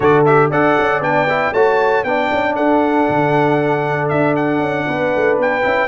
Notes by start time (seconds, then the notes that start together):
0.00 D3 F#4 A4 D5
0.25 G4 E5
0.50 D4 A4 D5 F#5
0.78 C#4
1.00 B3 D4 G5
1.29 E4
1.53 A3 F#4 C#5 A5
2.04 B3 D4 D5 G5
2.32 C#4
2.55 D4 A4 F#5
3.09 D3
4.09 D4 E5
4.36 F#5
4.59 C#4
4.87 B3 B4
5.15 A3
5.38 B3 G5
5.62 C#4 E4